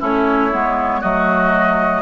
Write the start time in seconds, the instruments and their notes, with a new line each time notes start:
0.00 bassoon A3, clarinet C#4, oboe E4, flute C#5
0.52 bassoon G#3, clarinet B3
1.01 bassoon F#3, clarinet A3, oboe F#4, flute D#5